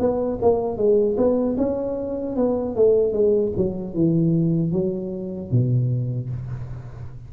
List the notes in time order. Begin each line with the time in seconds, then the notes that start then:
0.00 B3
0.42 A#3
0.78 G#3
1.18 B3
1.58 C#4
2.36 B3
2.76 A3
3.13 G#3
3.57 F#3
3.95 E3
4.73 F#3
5.52 B2